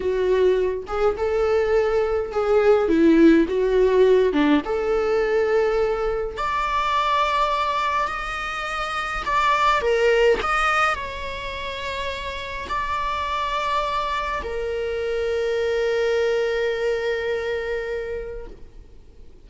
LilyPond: \new Staff \with { instrumentName = "viola" } { \time 4/4 \tempo 4 = 104 fis'4. gis'8 a'2 | gis'4 e'4 fis'4. d'8 | a'2. d''4~ | d''2 dis''2 |
d''4 ais'4 dis''4 cis''4~ | cis''2 d''2~ | d''4 ais'2.~ | ais'1 | }